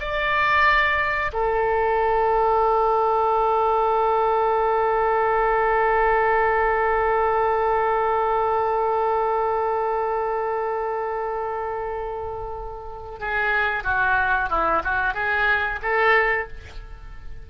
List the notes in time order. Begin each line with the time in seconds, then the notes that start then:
0.00 D5
1.33 A4
13.20 G#4
13.84 F#4
14.50 E4
14.84 F#4
15.14 G#4
15.82 A4